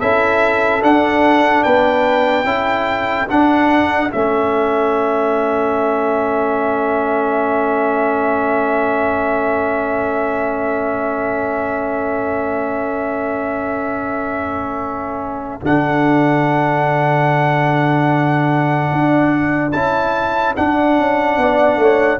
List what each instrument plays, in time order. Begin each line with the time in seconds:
0.00 tuba C#4, trombone E4, horn A4, trumpet E5
0.82 trombone D4, tuba D4, trumpet F#5
1.63 tuba B3, horn B4, trumpet G5
2.44 tuba C#4, trombone E4, horn A4
3.28 trombone D4, tuba D4, trumpet F#5
4.10 tuba A3, trombone C#4, trumpet E5
15.61 tuba D3, trombone D4, trumpet F#5
18.92 tuba D4
19.72 tuba C#4, trombone E4, trumpet A5
20.56 trombone D4, tuba D4, trumpet F#5
20.99 tuba C#4
21.37 tuba B3, horn D5
21.77 tuba A3, horn C#5